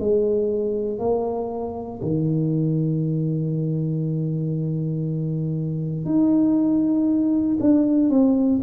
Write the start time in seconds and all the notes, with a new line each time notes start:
0.00 G#3
0.99 A#3
2.02 D#3
6.06 D#4
7.61 D4
8.10 C4